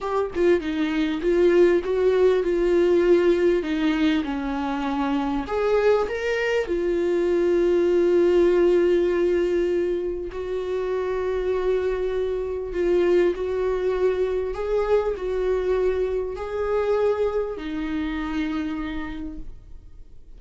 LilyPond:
\new Staff \with { instrumentName = "viola" } { \time 4/4 \tempo 4 = 99 g'8 f'8 dis'4 f'4 fis'4 | f'2 dis'4 cis'4~ | cis'4 gis'4 ais'4 f'4~ | f'1~ |
f'4 fis'2.~ | fis'4 f'4 fis'2 | gis'4 fis'2 gis'4~ | gis'4 dis'2. | }